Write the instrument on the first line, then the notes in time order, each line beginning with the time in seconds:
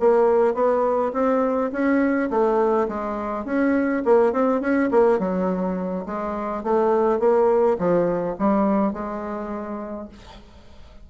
bassoon
0.00 A#3
0.55 B3
1.14 C4
1.72 C#4
2.31 A3
2.89 G#3
3.45 C#4
4.05 A#3
4.33 C4
4.61 C#4
4.91 A#3
5.19 F#3
6.06 G#3
6.64 A3
7.20 A#3
7.79 F3
8.39 G3
8.93 G#3